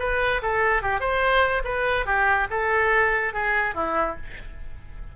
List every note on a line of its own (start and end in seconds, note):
0.00 0.42 B4
0.43 0.83 A4
0.83 1.01 G4
1.01 1.63 C5
1.65 2.06 B4
2.06 2.48 G4
2.51 3.34 A4
3.34 3.75 G#4
3.75 4.17 E4